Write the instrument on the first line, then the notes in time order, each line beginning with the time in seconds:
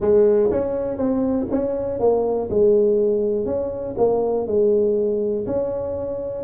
tuba
0.00 G#3
0.50 C#4
0.97 C4
1.51 C#4
1.99 A#3
2.50 G#3
3.45 C#4
3.97 A#3
4.46 G#3
5.46 C#4